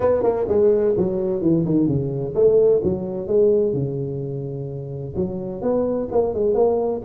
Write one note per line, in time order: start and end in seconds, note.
0.00 0.22 B3
0.22 0.46 A#3
0.48 0.95 G#3
0.97 1.41 F#3
1.41 1.64 E3
1.65 1.87 D#3
1.87 2.34 C#3
2.34 2.81 A3
2.83 3.27 F#3
3.27 3.73 G#3
3.73 5.13 C#3
5.16 5.61 F#3
5.61 6.08 B3
6.11 6.34 A#3
6.34 6.54 G#3
6.54 7.01 A#3